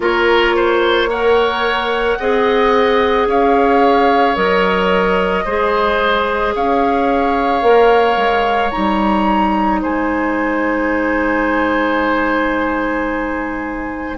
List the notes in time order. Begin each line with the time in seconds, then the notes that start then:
0.00 A#3 F4 A#4 C#5
0.56 C5
1.09 A#4 C#5 F#5
2.19 C4 G#4 D#5
3.26 C#4 C#5 F5
4.35 F#3 A#4 D#5
5.45 G#3 G#4 C5
6.55 C#4 C#5 F5
7.61 A#3 A#4
8.16 G#3
8.70 D#4 A#5
8.76 G3
9.81 G#3 C5 G#5